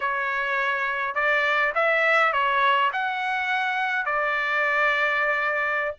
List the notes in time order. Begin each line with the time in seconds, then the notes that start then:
0.00 C#5
1.14 D5
1.74 E5
2.32 C#5
2.92 F#5
4.05 D5